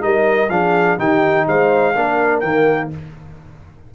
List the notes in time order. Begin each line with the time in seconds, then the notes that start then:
0.00 G3 D#4 A#4 D#5
0.50 F3 D4 G#4 F5
0.98 D#3 D#4 G4 G5
1.48 G#3 C5 F5
1.95 A#3 D4 A#4
2.40 D#3 A#3 G5